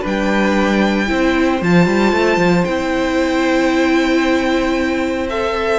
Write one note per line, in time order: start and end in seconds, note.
0.00 1.09 G3
0.00 1.06 D4
0.00 1.05 B4
0.06 1.63 G5
1.06 1.61 C4
1.06 1.58 E4
1.06 5.79 C5
1.61 1.86 F3
1.61 2.67 F4
1.61 2.64 A5
1.86 2.12 G3
2.12 2.37 A3
2.37 2.63 F3
2.64 5.79 C4
2.64 5.30 E4
2.64 5.27 G5
5.29 5.79 A4
5.29 5.79 E5